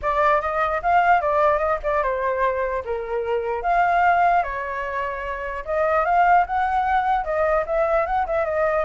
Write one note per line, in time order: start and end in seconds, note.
0.01 0.41 D5
0.41 0.81 D#5
0.82 1.21 F5
1.21 1.58 D5
1.58 1.78 D#5
1.83 2.02 D5
2.02 2.83 C5
2.84 3.62 A#4
3.62 4.43 F5
4.43 5.64 C#5
5.65 6.05 D#5
6.05 6.45 F5
6.46 7.24 F#5
7.24 7.64 D#5
7.66 8.06 E5
8.06 8.26 F#5
8.26 8.45 E5
8.45 8.84 D#5